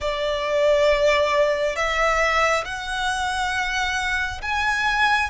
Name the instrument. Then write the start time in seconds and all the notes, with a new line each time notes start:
violin
0.00 D5
1.76 E5
2.64 F#5
4.41 G#5